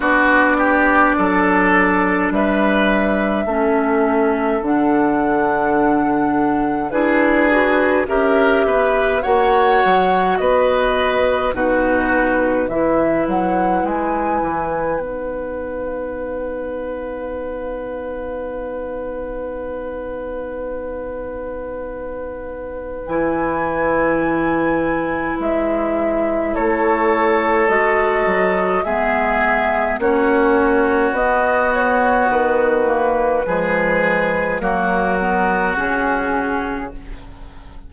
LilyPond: <<
  \new Staff \with { instrumentName = "flute" } { \time 4/4 \tempo 4 = 52 d''2 e''2 | fis''2 b'4 e''4 | fis''4 dis''4 b'4 e''8 fis''8 | gis''4 fis''2.~ |
fis''1 | gis''2 e''4 cis''4 | dis''4 e''4 cis''4 dis''8 cis''8 | b'2 ais'4 gis'4 | }
  \new Staff \with { instrumentName = "oboe" } { \time 4/4 fis'8 g'8 a'4 b'4 a'4~ | a'2 gis'4 ais'8 b'8 | cis''4 b'4 fis'4 b'4~ | b'1~ |
b'1~ | b'2. a'4~ | a'4 gis'4 fis'2~ | fis'4 gis'4 fis'2 | }
  \new Staff \with { instrumentName = "clarinet" } { \time 4/4 d'2. cis'4 | d'2 e'8 fis'8 g'4 | fis'2 dis'4 e'4~ | e'4 dis'2.~ |
dis'1 | e'1 | fis'4 b4 cis'4 b4~ | b8 ais8 gis4 ais8 b8 cis'4 | }
  \new Staff \with { instrumentName = "bassoon" } { \time 4/4 b4 fis4 g4 a4 | d2 d'4 cis'8 b8 | ais8 fis8 b4 b,4 e8 fis8 | gis8 e8 b2.~ |
b1 | e2 gis4 a4 | gis8 fis8 gis4 ais4 b4 | dis4 f4 fis4 cis4 | }
>>